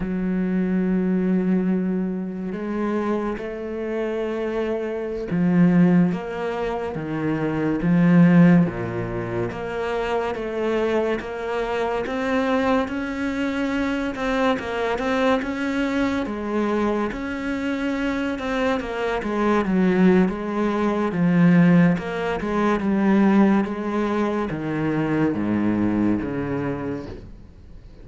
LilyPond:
\new Staff \with { instrumentName = "cello" } { \time 4/4 \tempo 4 = 71 fis2. gis4 | a2~ a16 f4 ais8.~ | ais16 dis4 f4 ais,4 ais8.~ | ais16 a4 ais4 c'4 cis'8.~ |
cis'8. c'8 ais8 c'8 cis'4 gis8.~ | gis16 cis'4. c'8 ais8 gis8 fis8. | gis4 f4 ais8 gis8 g4 | gis4 dis4 gis,4 cis4 | }